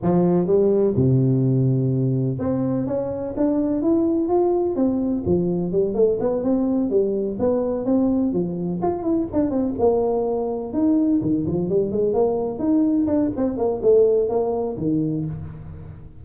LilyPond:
\new Staff \with { instrumentName = "tuba" } { \time 4/4 \tempo 4 = 126 f4 g4 c2~ | c4 c'4 cis'4 d'4 | e'4 f'4 c'4 f4 | g8 a8 b8 c'4 g4 b8~ |
b8 c'4 f4 f'8 e'8 d'8 | c'8 ais2 dis'4 dis8 | f8 g8 gis8 ais4 dis'4 d'8 | c'8 ais8 a4 ais4 dis4 | }